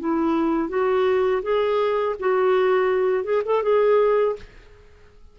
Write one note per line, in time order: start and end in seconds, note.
0.00 0.70 E4
0.70 1.43 F#4
1.43 2.16 G#4
2.20 3.24 F#4
3.24 3.43 G#4
3.46 3.64 A4
3.64 4.37 G#4